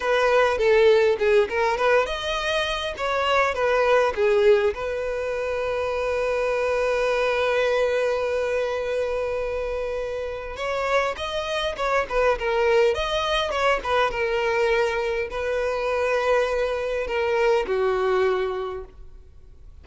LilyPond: \new Staff \with { instrumentName = "violin" } { \time 4/4 \tempo 4 = 102 b'4 a'4 gis'8 ais'8 b'8 dis''8~ | dis''4 cis''4 b'4 gis'4 | b'1~ | b'1~ |
b'2 cis''4 dis''4 | cis''8 b'8 ais'4 dis''4 cis''8 b'8 | ais'2 b'2~ | b'4 ais'4 fis'2 | }